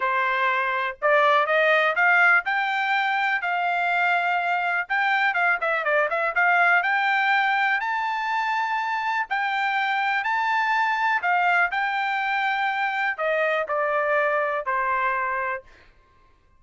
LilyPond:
\new Staff \with { instrumentName = "trumpet" } { \time 4/4 \tempo 4 = 123 c''2 d''4 dis''4 | f''4 g''2 f''4~ | f''2 g''4 f''8 e''8 | d''8 e''8 f''4 g''2 |
a''2. g''4~ | g''4 a''2 f''4 | g''2. dis''4 | d''2 c''2 | }